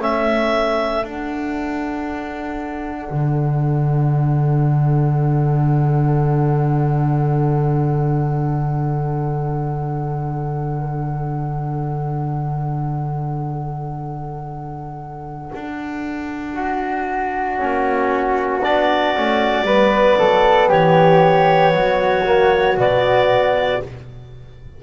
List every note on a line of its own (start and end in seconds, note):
0.00 1.03 A3
0.00 1.04 C#4
0.00 16.54 A4
0.00 1.05 E5
1.03 3.09 D4
1.03 17.58 D4
1.03 18.63 F#5
3.10 15.51 D3
15.54 17.61 D4
16.54 19.64 F#4
17.58 18.65 A#3
17.58 18.61 C#4
18.63 19.16 B3
18.63 19.15 D4
18.63 20.70 D5
19.15 19.62 A3
19.15 19.67 C#4
19.62 20.14 G3
19.62 22.25 B3
19.62 20.17 B4
20.18 20.71 F#3
20.18 20.69 A4
20.69 21.73 E3
20.69 21.72 G4
20.69 22.78 C#5
21.73 22.77 F#3
21.73 23.82 F#4
22.25 22.77 A#3
22.77 23.81 B2
22.77 23.81 B3
22.77 23.83 D5